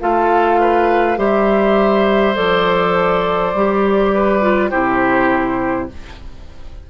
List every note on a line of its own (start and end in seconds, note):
0.00 1.17 A3
0.00 1.16 F4
0.00 0.60 A4
0.00 1.18 F5
0.60 1.18 B4
1.16 2.35 G3
1.16 2.34 G4
1.16 4.12 C5
1.16 2.35 E5
2.34 3.54 F3
2.34 3.52 A4
2.34 4.69 D5
3.54 4.71 G3
3.54 4.41 G4
4.13 4.70 B4
4.41 4.70 F4
4.69 5.90 C3
4.69 5.88 E4
4.69 5.87 G4
4.69 5.87 C5